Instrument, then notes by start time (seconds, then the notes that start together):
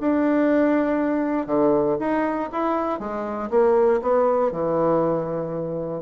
bassoon
0.00 D4
1.46 D3
1.99 D#4
2.52 E4
2.99 G#3
3.50 A#3
4.02 B3
4.51 E3